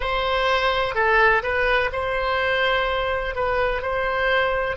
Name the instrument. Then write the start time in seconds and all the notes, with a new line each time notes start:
oboe
0.00 C5
0.94 A4
1.42 B4
1.92 C5
3.35 B4
3.82 C5